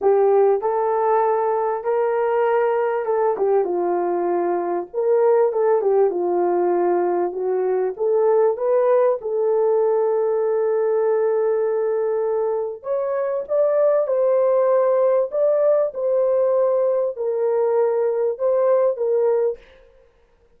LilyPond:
\new Staff \with { instrumentName = "horn" } { \time 4/4 \tempo 4 = 98 g'4 a'2 ais'4~ | ais'4 a'8 g'8 f'2 | ais'4 a'8 g'8 f'2 | fis'4 a'4 b'4 a'4~ |
a'1~ | a'4 cis''4 d''4 c''4~ | c''4 d''4 c''2 | ais'2 c''4 ais'4 | }